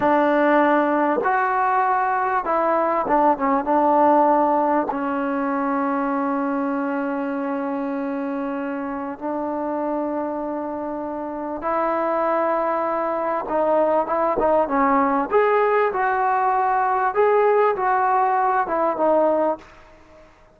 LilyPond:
\new Staff \with { instrumentName = "trombone" } { \time 4/4 \tempo 4 = 98 d'2 fis'2 | e'4 d'8 cis'8 d'2 | cis'1~ | cis'2. d'4~ |
d'2. e'4~ | e'2 dis'4 e'8 dis'8 | cis'4 gis'4 fis'2 | gis'4 fis'4. e'8 dis'4 | }